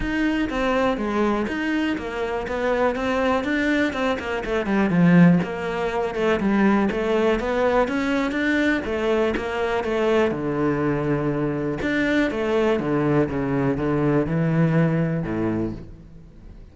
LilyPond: \new Staff \with { instrumentName = "cello" } { \time 4/4 \tempo 4 = 122 dis'4 c'4 gis4 dis'4 | ais4 b4 c'4 d'4 | c'8 ais8 a8 g8 f4 ais4~ | ais8 a8 g4 a4 b4 |
cis'4 d'4 a4 ais4 | a4 d2. | d'4 a4 d4 cis4 | d4 e2 a,4 | }